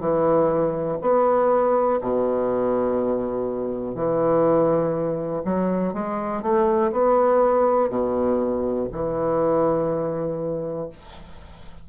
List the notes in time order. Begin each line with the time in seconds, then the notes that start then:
0.00 E3
1.01 B3
2.01 B2
3.95 E3
5.45 F#3
5.93 G#3
6.42 A3
6.92 B3
7.90 B2
8.92 E3